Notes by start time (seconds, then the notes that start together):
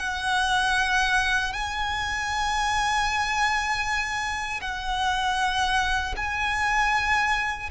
0.00 F#5
1.53 G#5
4.62 F#5
6.17 G#5